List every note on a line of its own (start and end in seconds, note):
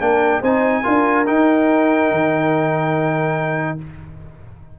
0.00 0.42 A#3
0.00 0.42 D4
0.00 0.40 A#4
0.00 0.42 G5
0.40 0.84 C4
0.40 0.83 D#4
0.40 0.82 C5
0.40 1.26 G#5
0.82 1.27 D4
0.82 1.25 F4
0.82 3.76 A#4
1.26 3.78 D#4
1.26 2.11 D#4
1.26 3.78 G5
2.11 3.79 D#3